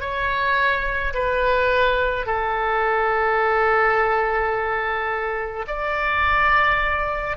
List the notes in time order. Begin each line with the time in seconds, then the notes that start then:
0.00 C#5
1.14 B4
2.26 A4
5.68 D5